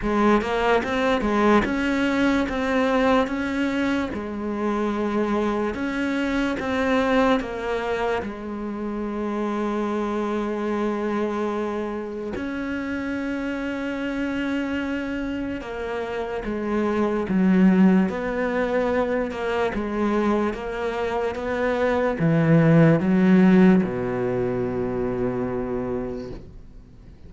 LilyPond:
\new Staff \with { instrumentName = "cello" } { \time 4/4 \tempo 4 = 73 gis8 ais8 c'8 gis8 cis'4 c'4 | cis'4 gis2 cis'4 | c'4 ais4 gis2~ | gis2. cis'4~ |
cis'2. ais4 | gis4 fis4 b4. ais8 | gis4 ais4 b4 e4 | fis4 b,2. | }